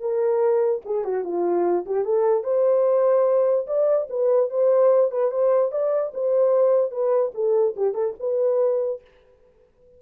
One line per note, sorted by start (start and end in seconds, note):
0.00 0.82 A#4
0.85 1.05 G#4
1.05 1.24 F#4
1.24 1.85 F4
1.86 2.05 G4
2.05 2.44 A4
2.44 3.66 C5
3.67 4.08 D5
4.10 4.50 B4
4.50 5.11 C5
5.12 5.31 B4
5.31 5.72 C5
5.72 6.13 D5
6.14 6.92 C5
6.92 7.32 B4
7.35 7.76 A4
7.76 7.94 G4
7.94 8.15 A4
8.20 9.01 B4